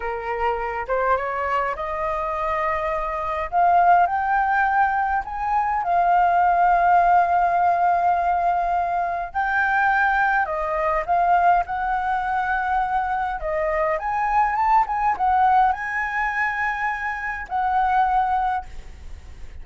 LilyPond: \new Staff \with { instrumentName = "flute" } { \time 4/4 \tempo 4 = 103 ais'4. c''8 cis''4 dis''4~ | dis''2 f''4 g''4~ | g''4 gis''4 f''2~ | f''1 |
g''2 dis''4 f''4 | fis''2. dis''4 | gis''4 a''8 gis''8 fis''4 gis''4~ | gis''2 fis''2 | }